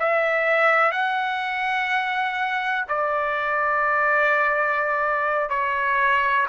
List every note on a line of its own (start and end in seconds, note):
0.00 0.92 E5
0.92 2.86 F#5
2.89 5.50 D5
5.50 6.47 C#5